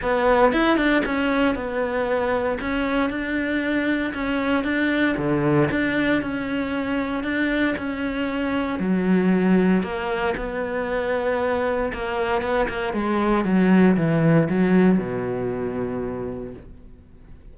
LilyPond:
\new Staff \with { instrumentName = "cello" } { \time 4/4 \tempo 4 = 116 b4 e'8 d'8 cis'4 b4~ | b4 cis'4 d'2 | cis'4 d'4 d4 d'4 | cis'2 d'4 cis'4~ |
cis'4 fis2 ais4 | b2. ais4 | b8 ais8 gis4 fis4 e4 | fis4 b,2. | }